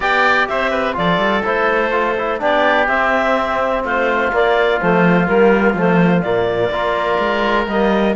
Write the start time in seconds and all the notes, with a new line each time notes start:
0.00 B3 G4 D5 G5
0.48 C4 C5 E5
0.70 B4
0.93 F3 F4 A4 D5
1.18 G3
1.45 A3 E4 C5
1.91 F4
2.18 E4
2.39 B3 D4 G4 D5
2.87 C4 E5
3.83 A3 F4 C5
4.32 A#3 D5
4.81 F3 A3 C5
5.27 G3 A#3 A#4
5.73 F3 A3 C5
6.21 A#2 A#3 D5
6.70 A#3 F4 A#4
7.18 G#3
7.67 G3 A#3 D#5